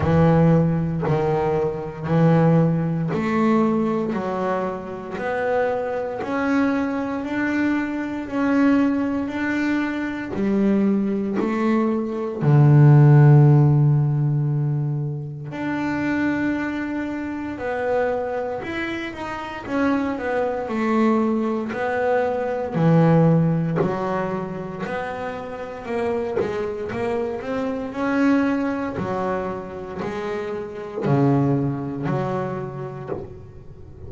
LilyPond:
\new Staff \with { instrumentName = "double bass" } { \time 4/4 \tempo 4 = 58 e4 dis4 e4 a4 | fis4 b4 cis'4 d'4 | cis'4 d'4 g4 a4 | d2. d'4~ |
d'4 b4 e'8 dis'8 cis'8 b8 | a4 b4 e4 fis4 | b4 ais8 gis8 ais8 c'8 cis'4 | fis4 gis4 cis4 fis4 | }